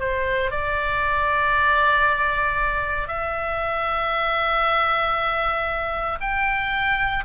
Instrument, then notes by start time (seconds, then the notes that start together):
oboe
0.00 C5
0.51 D5
3.08 E5
6.21 G5